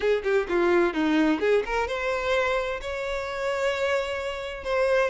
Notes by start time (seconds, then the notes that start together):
0.00 G#4
0.23 G4
0.48 F4
0.93 D#4
1.40 G#4
1.65 A#4
1.87 C5
2.81 C#5
4.64 C5